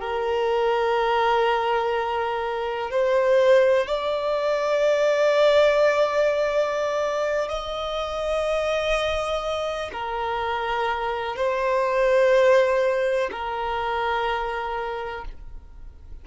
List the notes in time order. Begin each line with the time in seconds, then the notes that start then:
0.00 A#4
2.90 C5
3.87 D5
7.48 D#5
9.92 A#4
11.36 C5
13.31 A#4